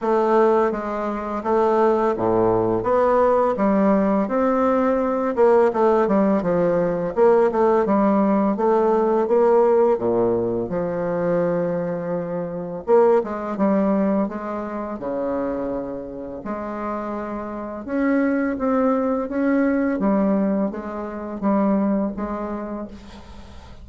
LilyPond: \new Staff \with { instrumentName = "bassoon" } { \time 4/4 \tempo 4 = 84 a4 gis4 a4 a,4 | b4 g4 c'4. ais8 | a8 g8 f4 ais8 a8 g4 | a4 ais4 ais,4 f4~ |
f2 ais8 gis8 g4 | gis4 cis2 gis4~ | gis4 cis'4 c'4 cis'4 | g4 gis4 g4 gis4 | }